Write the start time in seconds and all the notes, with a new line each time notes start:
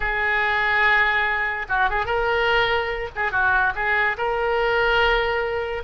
0.00 G#4
1.69 F#4
1.89 G#4
2.05 A#4
3.15 G#4
3.31 F#4
3.75 G#4
4.17 A#4